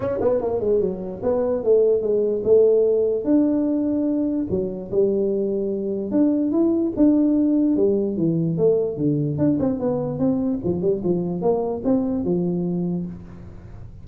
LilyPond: \new Staff \with { instrumentName = "tuba" } { \time 4/4 \tempo 4 = 147 cis'8 b8 ais8 gis8 fis4 b4 | a4 gis4 a2 | d'2. fis4 | g2. d'4 |
e'4 d'2 g4 | e4 a4 d4 d'8 c'8 | b4 c'4 f8 g8 f4 | ais4 c'4 f2 | }